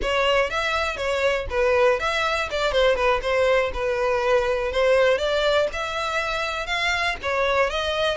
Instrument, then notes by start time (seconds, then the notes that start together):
violin
0.02 C#5
0.50 E5
0.96 C#5
1.49 B4
1.99 E5
2.50 D5
2.72 C5
2.95 B4
3.22 C5
3.73 B4
4.72 C5
5.18 D5
5.72 E5
6.66 F5
7.22 C#5
7.69 D#5